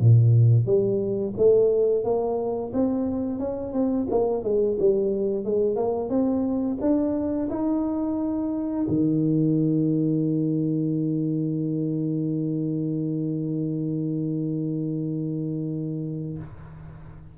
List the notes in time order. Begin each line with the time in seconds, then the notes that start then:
0.00 A#2
0.66 G3
1.37 A3
2.04 A#3
2.74 C4
3.39 C#4
3.73 C4
4.11 A#3
4.44 G#3
4.80 G3
5.45 G#3
5.76 A#3
6.10 C4
6.81 D4
7.50 D#4
8.89 D#3